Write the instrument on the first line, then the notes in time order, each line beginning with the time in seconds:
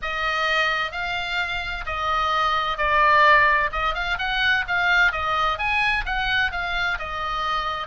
oboe
0.01 D#5
0.91 F5
1.86 D#5
2.77 D5
3.72 D#5
3.94 F5
4.18 F#5
4.67 F5
5.12 D#5
5.58 G#5
6.05 F#5
6.51 F5
6.98 D#5